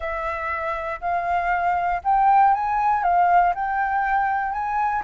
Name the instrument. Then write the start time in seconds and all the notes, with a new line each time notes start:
flute
0.00 E5
1.01 F5
2.04 G5
2.54 G#5
3.03 F5
3.54 G5
4.52 G#5